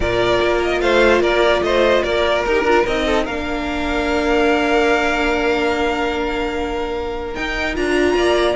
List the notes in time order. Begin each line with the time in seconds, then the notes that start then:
0.00 A#2 F4 A#4 D5
0.41 A#3
0.62 D#5
0.80 A3 C5 F5
1.20 A#3 A#4 D5
1.61 A3 C5 D#5
2.03 A#3 A#4 D5
2.45 D#4 G4 A#4
2.63 D4 F4
2.86 C4 D#4 D#5
3.05 A4
3.24 A#3 D4 A#4 F5
7.34 D#4 G5
7.75 D4 F4 A#5
8.14 A#3 D5